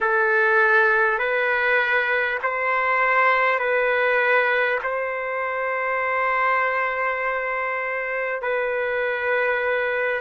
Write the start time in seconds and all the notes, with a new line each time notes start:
0.00 A4
1.18 B4
2.43 C5
3.59 B4
4.83 C5
8.42 B4